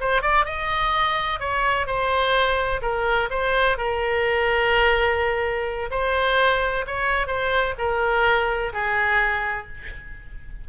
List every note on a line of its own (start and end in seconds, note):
0.00 0.21 C5
0.21 0.45 D5
0.45 1.40 D#5
1.40 1.86 C#5
1.86 2.81 C5
2.82 3.29 A#4
3.30 3.77 C5
3.77 5.90 A#4
5.91 6.85 C5
6.87 7.27 C#5
7.27 7.74 C5
7.78 8.73 A#4
8.73 9.67 G#4